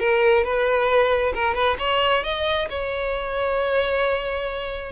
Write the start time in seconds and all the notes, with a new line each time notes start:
0.00 A#4
0.44 B4
1.35 A#4
1.55 B4
1.79 C#5
2.24 D#5
2.70 C#5